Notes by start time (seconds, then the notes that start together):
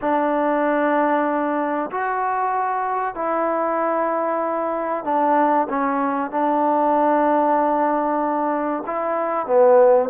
0.01 D4
1.90 F#4
3.14 E4
5.04 D4
5.69 C#4
6.30 D4
8.86 E4
9.46 B3